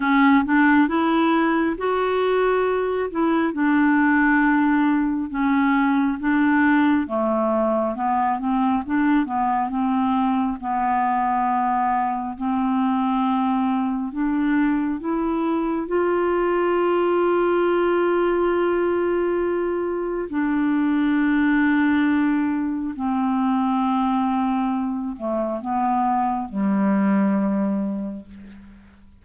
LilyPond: \new Staff \with { instrumentName = "clarinet" } { \time 4/4 \tempo 4 = 68 cis'8 d'8 e'4 fis'4. e'8 | d'2 cis'4 d'4 | a4 b8 c'8 d'8 b8 c'4 | b2 c'2 |
d'4 e'4 f'2~ | f'2. d'4~ | d'2 c'2~ | c'8 a8 b4 g2 | }